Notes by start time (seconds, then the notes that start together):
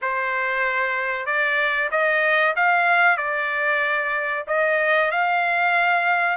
0.01 C5
1.26 D5
1.91 D#5
2.56 F5
3.17 D5
4.47 D#5
5.11 F5